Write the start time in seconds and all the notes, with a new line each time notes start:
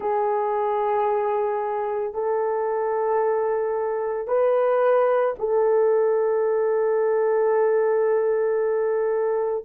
0.00 G#4
2.13 A4
4.27 B4
5.39 A4